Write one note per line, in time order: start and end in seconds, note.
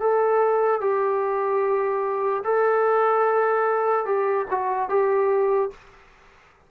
0.00 0.81 A4
0.81 2.43 G4
2.44 4.05 A4
4.05 4.46 G4
4.50 4.89 F#4
4.89 5.71 G4